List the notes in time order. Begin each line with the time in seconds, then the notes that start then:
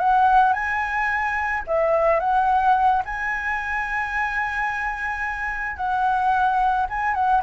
0.00 F#5
0.54 G#5
1.68 E5
2.20 F#5
3.06 G#5
5.77 F#5
6.90 G#5
7.15 F#5